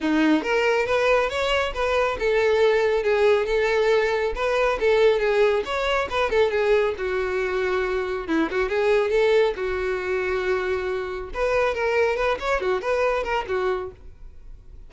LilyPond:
\new Staff \with { instrumentName = "violin" } { \time 4/4 \tempo 4 = 138 dis'4 ais'4 b'4 cis''4 | b'4 a'2 gis'4 | a'2 b'4 a'4 | gis'4 cis''4 b'8 a'8 gis'4 |
fis'2. e'8 fis'8 | gis'4 a'4 fis'2~ | fis'2 b'4 ais'4 | b'8 cis''8 fis'8 b'4 ais'8 fis'4 | }